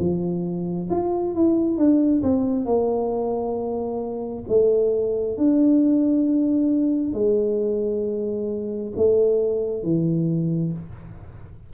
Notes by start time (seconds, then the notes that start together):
0.00 F3
0.90 F4
1.35 E4
1.78 D4
2.23 C4
2.65 A#3
4.49 A3
5.38 D4
7.14 G#3
8.97 A3
9.83 E3